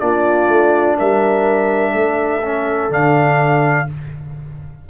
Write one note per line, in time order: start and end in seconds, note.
0.00 0.49 A#3
0.00 2.42 D4
0.00 0.98 F4
0.00 0.97 D5
0.49 0.97 A3
0.98 1.94 G3
0.98 1.93 A#4
0.98 2.93 E5
1.93 2.90 A3
1.93 3.86 A4
2.43 2.90 C#4
2.90 3.87 D3
2.90 3.87 D4
2.90 3.90 F5